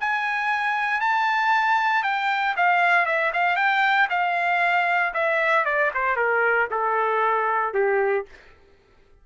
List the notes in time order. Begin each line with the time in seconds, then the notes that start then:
0.00 G#5
1.00 A5
2.03 G5
2.56 F5
3.05 E5
3.33 F5
3.56 G5
4.10 F5
5.13 E5
5.65 D5
5.94 C5
6.16 A#4
6.70 A4
7.74 G4